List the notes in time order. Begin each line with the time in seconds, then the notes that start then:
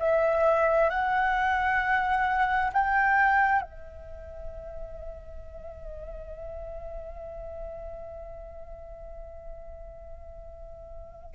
0.00 E5
0.90 F#5
2.73 G5
3.62 E5